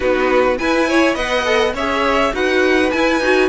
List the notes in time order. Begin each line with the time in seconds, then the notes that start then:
0.00 B3 D#4 F#4 B4
0.58 E4 B4 G#5
0.88 C#5
1.14 B3 B4 D#5 F#5
1.44 A4
1.74 C#4 G#4 C#5 E5
2.33 D#4 F#4 B4 F#5
2.90 E4 G#5
3.20 D#4 F#4